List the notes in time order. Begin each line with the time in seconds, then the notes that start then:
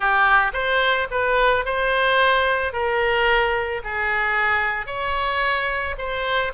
0.00 G4
0.53 C5
1.11 B4
1.65 C5
2.72 A#4
3.83 G#4
4.86 C#5
5.98 C5